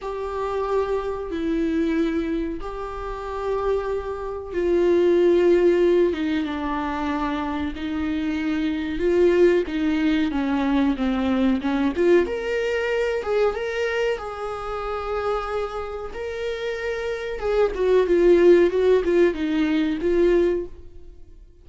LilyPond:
\new Staff \with { instrumentName = "viola" } { \time 4/4 \tempo 4 = 93 g'2 e'2 | g'2. f'4~ | f'4. dis'8 d'2 | dis'2 f'4 dis'4 |
cis'4 c'4 cis'8 f'8 ais'4~ | ais'8 gis'8 ais'4 gis'2~ | gis'4 ais'2 gis'8 fis'8 | f'4 fis'8 f'8 dis'4 f'4 | }